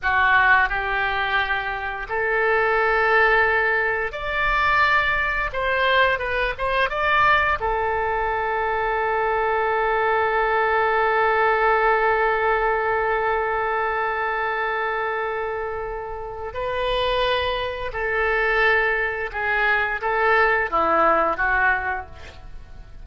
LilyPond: \new Staff \with { instrumentName = "oboe" } { \time 4/4 \tempo 4 = 87 fis'4 g'2 a'4~ | a'2 d''2 | c''4 b'8 c''8 d''4 a'4~ | a'1~ |
a'1~ | a'1 | b'2 a'2 | gis'4 a'4 e'4 fis'4 | }